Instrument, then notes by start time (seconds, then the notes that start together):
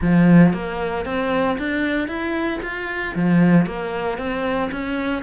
cello
0.01 F3
0.53 A#3
1.05 C4
1.58 D4
2.08 E4
2.62 F4
3.15 F3
3.65 A#3
4.18 C4
4.71 C#4